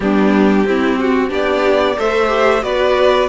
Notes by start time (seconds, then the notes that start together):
0.00 G3 B3 D4 G4
0.64 C4 E4
0.99 F#4
1.29 B3 D4 G4 D5
1.97 A3 A4 C5 E5
2.27 G4
2.62 B3 F#4 B4 D5